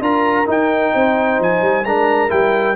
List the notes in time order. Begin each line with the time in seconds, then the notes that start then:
0.00 D4 F4 A#4 A#5
0.45 D#4 G5
0.93 C4 C5
1.39 F3 G#5
1.61 G3
1.84 G#3 D4 A#4 A#5
2.29 G3 E4 G5